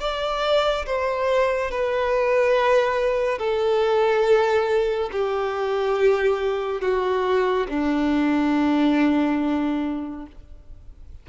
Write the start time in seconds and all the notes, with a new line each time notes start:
0.00 D5
0.86 C5
1.71 B4
3.39 A4
5.12 G4
6.81 F#4
7.69 D4